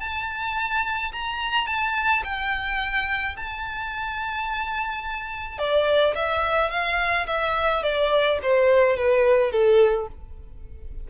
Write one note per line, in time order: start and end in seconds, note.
0.00 1.12 A5
1.12 1.67 A#5
1.67 2.23 A5
2.24 3.36 G5
3.36 5.58 A5
5.58 6.15 D5
6.15 6.71 E5
6.71 7.27 F5
7.27 7.83 E5
7.83 8.39 D5
8.42 8.97 C5
8.97 9.51 B4
9.51 10.08 A4